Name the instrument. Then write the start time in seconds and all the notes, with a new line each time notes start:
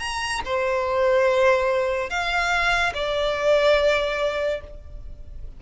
violin
0.00 A#5
0.46 C5
2.10 F5
2.94 D5